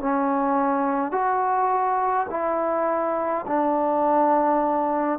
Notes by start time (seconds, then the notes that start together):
0.00 C#4
1.12 F#4
2.30 E4
3.48 D4